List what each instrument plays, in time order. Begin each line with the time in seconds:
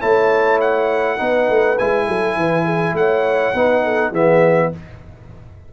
0.00 tuba A3, trombone E4, horn C#5, trumpet A5
0.61 trumpet F#5
1.18 tuba B3, trombone D#4, horn B4
1.50 tuba A3
1.78 tuba G#3, trombone E4, trumpet G#5
2.08 tuba F#3, horn A4
2.37 tuba E3, horn B4
2.65 horn G#4
2.94 tuba A3, horn C#5, trumpet F#5
3.55 tuba B3, trombone D#4, horn B4
3.84 horn A4
4.11 tuba E3, trombone B3, horn G#4, trumpet E5